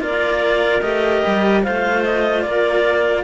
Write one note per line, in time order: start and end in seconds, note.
0.00 0.81 A#3
0.00 0.82 F4
0.00 1.64 A#4
0.00 0.81 D5
0.81 1.23 A3
0.81 1.63 G4
0.81 1.62 D#5
1.27 1.67 G3
1.64 2.46 A3
1.64 3.25 F4
1.64 2.45 C5
1.64 2.04 F5
2.04 2.42 D#5
2.42 3.25 A#3
2.42 3.25 A#4
2.42 3.23 D5